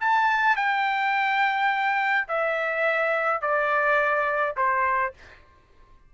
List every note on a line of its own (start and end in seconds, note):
0.00 0.56 A5
0.56 2.28 G5
2.28 3.42 E5
3.42 4.56 D5
4.57 5.14 C5